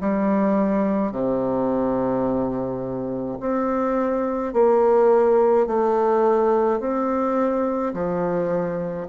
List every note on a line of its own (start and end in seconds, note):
0.00 1.12 G3
1.12 3.38 C3
3.40 4.53 C4
4.53 5.67 A#3
5.67 6.80 A3
6.80 7.93 C4
7.93 9.07 F3